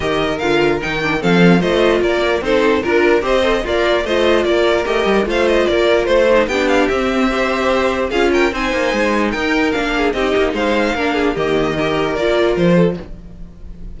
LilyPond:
<<
  \new Staff \with { instrumentName = "violin" } { \time 4/4 \tempo 4 = 148 dis''4 f''4 g''4 f''4 | dis''4 d''4 c''4 ais'4 | dis''4 d''4 dis''4 d''4 | dis''4 f''8 dis''8 d''4 c''4 |
g''8 f''8 e''2. | f''8 g''8 gis''2 g''4 | f''4 dis''4 f''2 | dis''2 d''4 c''4 | }
  \new Staff \with { instrumentName = "violin" } { \time 4/4 ais'2. a'4 | c''4 ais'4 a'4 ais'4 | c''4 f'4 c''4 ais'4~ | ais'4 c''4 ais'4 c''4 |
g'2 c''2 | gis'8 ais'8 c''2 ais'4~ | ais'8 gis'8 g'4 c''4 ais'8 gis'8 | g'4 ais'2~ ais'8 a'8 | }
  \new Staff \with { instrumentName = "viola" } { \time 4/4 g'4 f'4 dis'8 d'8 c'4 | f'2 dis'4 f'4 | g'8 a'8 ais'4 f'2 | g'4 f'2~ f'8 dis'8 |
d'4 c'4 g'2 | f'4 dis'2. | d'4 dis'2 d'4 | ais4 g'4 f'2 | }
  \new Staff \with { instrumentName = "cello" } { \time 4/4 dis4 d4 dis4 f4 | a4 ais4 c'4 d'4 | c'4 ais4 a4 ais4 | a8 g8 a4 ais4 a4 |
b4 c'2. | cis'4 c'8 ais8 gis4 dis'4 | ais4 c'8 ais8 gis4 ais4 | dis2 ais4 f4 | }
>>